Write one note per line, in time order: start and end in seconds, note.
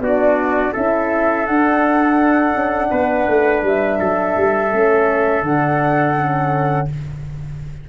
0.00 0.72 B3
0.00 0.75 D4
0.00 0.73 F#4
0.00 0.74 D5
0.73 1.48 C#4
0.73 1.47 E4
0.73 2.90 A4
0.73 1.46 E5
1.46 4.72 D4
1.46 2.54 D4
1.46 3.63 F#5
2.54 2.90 C#4
2.91 3.28 B3
2.91 3.99 B4
3.28 3.63 A3
3.63 3.99 G3
3.63 5.44 E5
3.99 4.36 F#3
3.99 6.88 A4
4.37 4.73 G3
4.72 5.42 A3
4.72 5.44 C#4
5.42 6.87 D3
5.42 6.16 D4
5.42 6.89 F#5
6.17 6.89 C#4